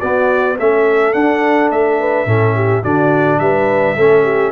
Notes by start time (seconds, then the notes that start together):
0.00 B3 F#4 D5
0.59 A3 C#4 A4 E5
1.14 D4 F#5
1.71 A3 E5
2.00 B4
2.26 A2 C#4 A4
2.56 G4
2.82 D3 D4 F#4 D5
3.40 G3 B4 E5
3.97 A3 C#4 A4
4.24 G4